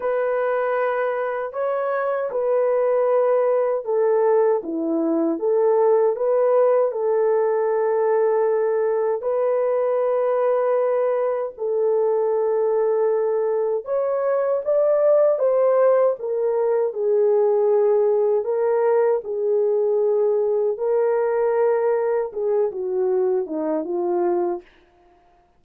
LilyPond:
\new Staff \with { instrumentName = "horn" } { \time 4/4 \tempo 4 = 78 b'2 cis''4 b'4~ | b'4 a'4 e'4 a'4 | b'4 a'2. | b'2. a'4~ |
a'2 cis''4 d''4 | c''4 ais'4 gis'2 | ais'4 gis'2 ais'4~ | ais'4 gis'8 fis'4 dis'8 f'4 | }